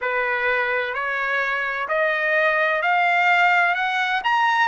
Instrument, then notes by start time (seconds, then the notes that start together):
trumpet
0.01 B4
0.94 C#5
1.88 D#5
2.81 F5
3.75 F#5
4.24 A#5